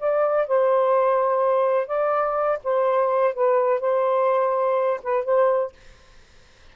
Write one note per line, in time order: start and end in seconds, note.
0.00 0.48 D5
0.48 1.87 C5
1.87 2.59 D5
2.64 3.35 C5
3.35 3.81 B4
3.81 5.01 C5
5.03 5.25 B4
5.25 5.73 C5